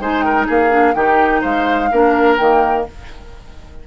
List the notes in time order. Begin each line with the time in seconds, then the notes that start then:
0.00 G#3 D#4 C5 G#5
0.22 A#4 G5
0.47 A#3 G#4 F5
0.70 D4
0.95 D#3 D#4 G4 G5
1.42 G#3 C5 F5
1.92 A#3 D4 A#4
2.37 D#3 A#3 G5